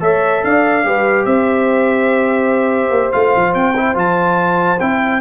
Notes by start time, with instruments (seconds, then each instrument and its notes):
0.00 tuba A3, trombone A4, horn C#5, trumpet E5
0.43 tuba D4, horn D5, trumpet F5
0.83 tuba G3, trombone G4, horn B4
1.25 tuba C4, horn C5, trumpet E5
2.90 tuba A#3
3.12 tuba A3, trombone F4, trumpet F5
3.35 tuba F3
3.54 tuba C4, trumpet G5
3.76 trombone E4
3.94 tuba F3, trombone F4, trumpet A5
4.79 tuba C4, trombone E4, trumpet G5